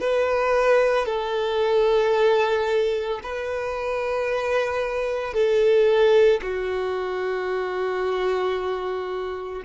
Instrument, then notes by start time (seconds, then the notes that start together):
violin
0.00 B4
1.05 A4
3.23 B4
5.33 A4
6.41 F#4